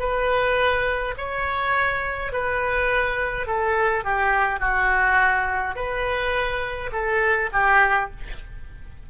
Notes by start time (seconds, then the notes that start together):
0.00 B4
1.18 C#5
2.33 B4
3.47 A4
4.04 G4
4.60 F#4
5.76 B4
6.93 A4
7.53 G4